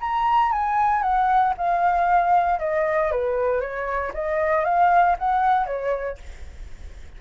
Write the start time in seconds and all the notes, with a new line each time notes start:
0.00 A#5
0.51 G#5
1.02 F#5
1.57 F5
2.59 D#5
3.11 B4
3.60 C#5
4.14 D#5
4.64 F5
5.18 F#5
5.66 C#5